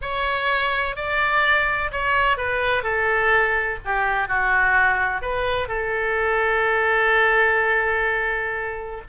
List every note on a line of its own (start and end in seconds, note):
0.01 0.96 C#5
0.96 1.91 D5
1.91 2.37 C#5
2.37 2.83 B4
2.83 3.78 A4
3.84 4.28 G4
4.28 5.21 F#4
5.21 5.68 B4
5.68 9.01 A4